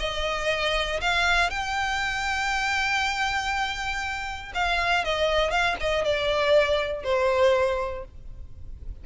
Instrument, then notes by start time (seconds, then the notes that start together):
violin
0.00 D#5
1.01 F5
1.51 G5
4.55 F5
5.05 D#5
5.51 F5
5.81 D#5
6.05 D5
7.04 C5